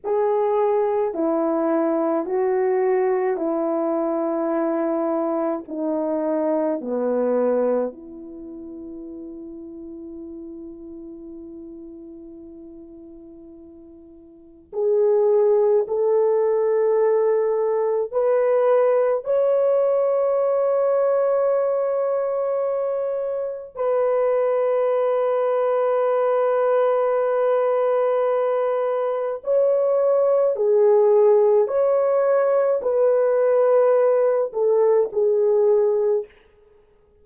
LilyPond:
\new Staff \with { instrumentName = "horn" } { \time 4/4 \tempo 4 = 53 gis'4 e'4 fis'4 e'4~ | e'4 dis'4 b4 e'4~ | e'1~ | e'4 gis'4 a'2 |
b'4 cis''2.~ | cis''4 b'2.~ | b'2 cis''4 gis'4 | cis''4 b'4. a'8 gis'4 | }